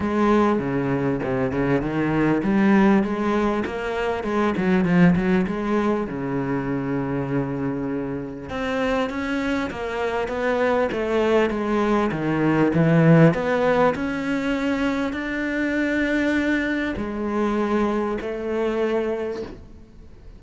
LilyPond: \new Staff \with { instrumentName = "cello" } { \time 4/4 \tempo 4 = 99 gis4 cis4 c8 cis8 dis4 | g4 gis4 ais4 gis8 fis8 | f8 fis8 gis4 cis2~ | cis2 c'4 cis'4 |
ais4 b4 a4 gis4 | dis4 e4 b4 cis'4~ | cis'4 d'2. | gis2 a2 | }